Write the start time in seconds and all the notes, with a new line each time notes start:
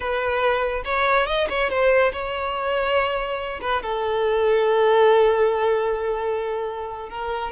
0.00 B4
0.84 C#5
1.26 D#5
1.49 C#5
1.69 C5
2.12 C#5
3.61 B4
3.82 A4
7.09 A#4